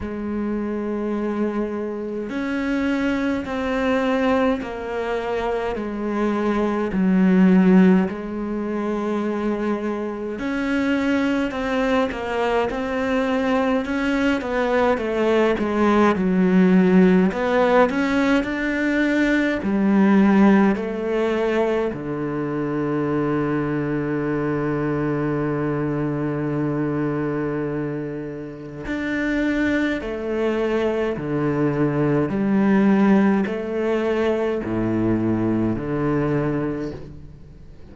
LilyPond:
\new Staff \with { instrumentName = "cello" } { \time 4/4 \tempo 4 = 52 gis2 cis'4 c'4 | ais4 gis4 fis4 gis4~ | gis4 cis'4 c'8 ais8 c'4 | cis'8 b8 a8 gis8 fis4 b8 cis'8 |
d'4 g4 a4 d4~ | d1~ | d4 d'4 a4 d4 | g4 a4 a,4 d4 | }